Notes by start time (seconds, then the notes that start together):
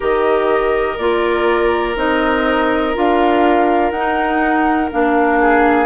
0.00 D#3 G4 A#4 D#5
0.97 A#3 F4 D5
1.95 C4 D#4 D#5
2.94 D4 F4 F5
3.90 D#4 F#5
3.97 D#4
4.91 A#3 D4 F5
5.41 G#4